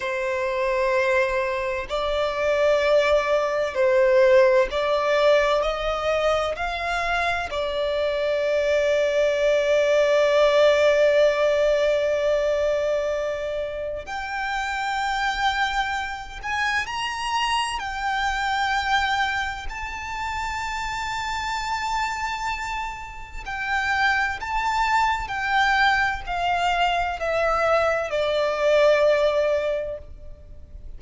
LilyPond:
\new Staff \with { instrumentName = "violin" } { \time 4/4 \tempo 4 = 64 c''2 d''2 | c''4 d''4 dis''4 f''4 | d''1~ | d''2. g''4~ |
g''4. gis''8 ais''4 g''4~ | g''4 a''2.~ | a''4 g''4 a''4 g''4 | f''4 e''4 d''2 | }